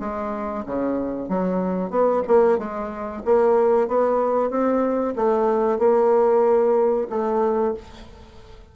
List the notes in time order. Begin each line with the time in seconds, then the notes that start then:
0.00 G#3
0.66 C#3
1.29 F#3
1.90 B3
2.27 A#3
2.58 G#3
3.25 A#3
3.88 B3
4.50 C4
5.16 A3
5.79 A#3
7.10 A3